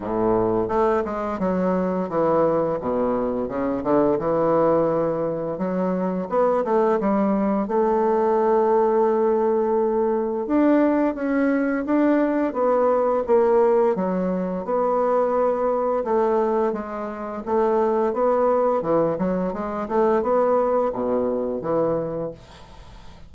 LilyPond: \new Staff \with { instrumentName = "bassoon" } { \time 4/4 \tempo 4 = 86 a,4 a8 gis8 fis4 e4 | b,4 cis8 d8 e2 | fis4 b8 a8 g4 a4~ | a2. d'4 |
cis'4 d'4 b4 ais4 | fis4 b2 a4 | gis4 a4 b4 e8 fis8 | gis8 a8 b4 b,4 e4 | }